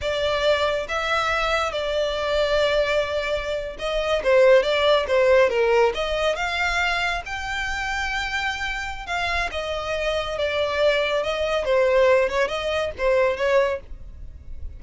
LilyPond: \new Staff \with { instrumentName = "violin" } { \time 4/4 \tempo 4 = 139 d''2 e''2 | d''1~ | d''8. dis''4 c''4 d''4 c''16~ | c''8. ais'4 dis''4 f''4~ f''16~ |
f''8. g''2.~ g''16~ | g''4 f''4 dis''2 | d''2 dis''4 c''4~ | c''8 cis''8 dis''4 c''4 cis''4 | }